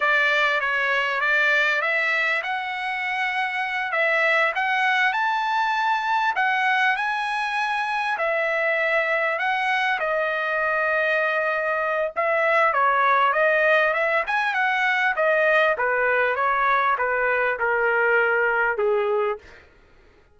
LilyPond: \new Staff \with { instrumentName = "trumpet" } { \time 4/4 \tempo 4 = 99 d''4 cis''4 d''4 e''4 | fis''2~ fis''8 e''4 fis''8~ | fis''8 a''2 fis''4 gis''8~ | gis''4. e''2 fis''8~ |
fis''8 dis''2.~ dis''8 | e''4 cis''4 dis''4 e''8 gis''8 | fis''4 dis''4 b'4 cis''4 | b'4 ais'2 gis'4 | }